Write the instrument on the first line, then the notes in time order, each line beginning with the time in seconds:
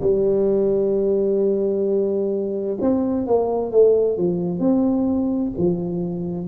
tuba
0.00 G3
2.80 C4
3.26 A#3
3.71 A3
4.17 F3
4.59 C4
5.57 F3